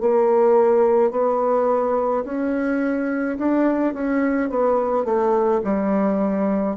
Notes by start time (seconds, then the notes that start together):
0.00 A#3
1.10 B3
2.24 C#4
3.38 D4
3.93 C#4
4.49 B3
5.04 A3
5.64 G3